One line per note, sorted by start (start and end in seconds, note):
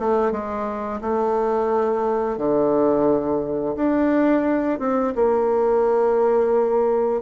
0.00 0.32 A3
0.32 1.01 G#3
1.02 2.38 A3
2.38 3.76 D3
3.76 4.80 D4
4.80 5.14 C4
5.16 7.22 A#3